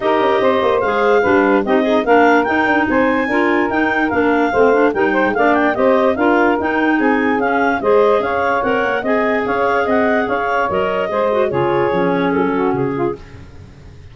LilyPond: <<
  \new Staff \with { instrumentName = "clarinet" } { \time 4/4 \tempo 4 = 146 dis''2 f''2 | dis''4 f''4 g''4 gis''4~ | gis''4 g''4 f''2 | g''4 f''8 g''8 dis''4 f''4 |
g''4 gis''4 f''4 dis''4 | f''4 fis''4 gis''4 f''4 | fis''4 f''4 dis''2 | cis''2 a'4 gis'4 | }
  \new Staff \with { instrumentName = "saxophone" } { \time 4/4 ais'4 c''2 b'4 | g'8 dis'8 ais'2 c''4 | ais'2. c''4 | ais'8 c''8 d''4 c''4 ais'4~ |
ais'4 gis'2 c''4 | cis''2 dis''4 cis''4 | dis''4 cis''2 c''4 | gis'2~ gis'8 fis'4 f'8 | }
  \new Staff \with { instrumentName = "clarinet" } { \time 4/4 g'2 gis'4 d'4 | dis'8 gis'8 d'4 dis'2 | f'4 dis'4 d'4 c'8 d'8 | dis'4 d'4 g'4 f'4 |
dis'2 cis'4 gis'4~ | gis'4 ais'4 gis'2~ | gis'2 ais'4 gis'8 fis'8 | f'4 cis'2. | }
  \new Staff \with { instrumentName = "tuba" } { \time 4/4 dis'8 cis'8 c'8 ais8 gis4 g4 | c'4 ais4 dis'8 d'8 c'4 | d'4 dis'4 ais4 a4 | g8. gis16 ais4 c'4 d'4 |
dis'4 c'4 cis'4 gis4 | cis'4 c'8 ais8 c'4 cis'4 | c'4 cis'4 fis4 gis4 | cis4 f4 fis4 cis4 | }
>>